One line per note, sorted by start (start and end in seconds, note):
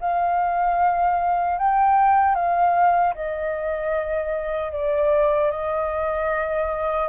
0.00 1.58 F5
1.58 2.35 G5
2.35 3.14 F5
3.14 4.72 D#5
4.72 5.51 D5
5.51 7.08 D#5